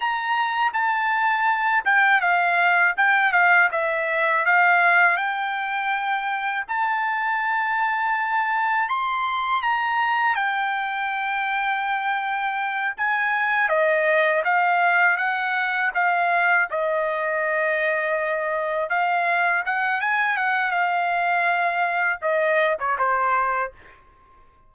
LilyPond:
\new Staff \with { instrumentName = "trumpet" } { \time 4/4 \tempo 4 = 81 ais''4 a''4. g''8 f''4 | g''8 f''8 e''4 f''4 g''4~ | g''4 a''2. | c'''4 ais''4 g''2~ |
g''4. gis''4 dis''4 f''8~ | f''8 fis''4 f''4 dis''4.~ | dis''4. f''4 fis''8 gis''8 fis''8 | f''2 dis''8. cis''16 c''4 | }